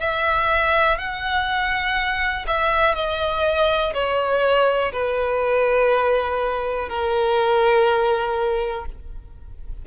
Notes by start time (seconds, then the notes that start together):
0.00 E5
0.98 F#5
2.47 E5
2.95 D#5
3.93 C#5
4.92 B4
6.89 A#4